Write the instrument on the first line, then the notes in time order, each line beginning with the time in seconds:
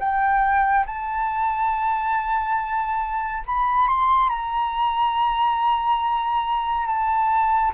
flute
0.00 G5
0.86 A5
3.47 B5
3.88 C6
4.30 A#5
6.87 A5